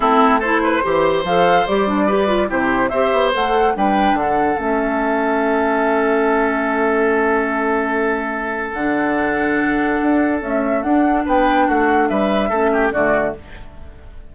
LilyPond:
<<
  \new Staff \with { instrumentName = "flute" } { \time 4/4 \tempo 4 = 144 a'4 c''2 f''4 | d''2 c''4 e''4 | fis''4 g''4 fis''4 e''4~ | e''1~ |
e''1~ | e''4 fis''2.~ | fis''4 e''4 fis''4 g''4 | fis''4 e''2 d''4 | }
  \new Staff \with { instrumentName = "oboe" } { \time 4/4 e'4 a'8 b'8 c''2~ | c''4 b'4 g'4 c''4~ | c''4 b'4 a'2~ | a'1~ |
a'1~ | a'1~ | a'2. b'4 | fis'4 b'4 a'8 g'8 fis'4 | }
  \new Staff \with { instrumentName = "clarinet" } { \time 4/4 c'4 e'4 g'4 a'4 | g'8 d'8 g'8 f'8 e'4 g'4 | a'4 d'2 cis'4~ | cis'1~ |
cis'1~ | cis'4 d'2.~ | d'4 a4 d'2~ | d'2 cis'4 a4 | }
  \new Staff \with { instrumentName = "bassoon" } { \time 4/4 a2 e4 f4 | g2 c4 c'8 b8 | a4 g4 d4 a4~ | a1~ |
a1~ | a4 d2. | d'4 cis'4 d'4 b4 | a4 g4 a4 d4 | }
>>